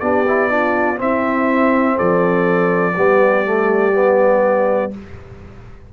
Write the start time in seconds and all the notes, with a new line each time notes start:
0.00 B3 D4 G4 D5
0.27 E4
0.50 D4 F4
0.96 C4 E4 E5
1.96 F3 A4 D5
2.95 G3 B3 G4
3.45 A3
3.93 B3